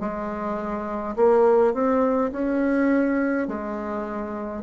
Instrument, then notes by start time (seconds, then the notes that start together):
bassoon
0.00 G#3
1.16 A#3
1.74 C4
2.32 C#4
3.48 G#3